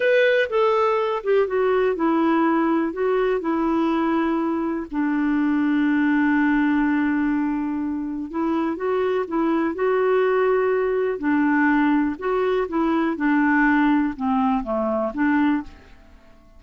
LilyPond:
\new Staff \with { instrumentName = "clarinet" } { \time 4/4 \tempo 4 = 123 b'4 a'4. g'8 fis'4 | e'2 fis'4 e'4~ | e'2 d'2~ | d'1~ |
d'4 e'4 fis'4 e'4 | fis'2. d'4~ | d'4 fis'4 e'4 d'4~ | d'4 c'4 a4 d'4 | }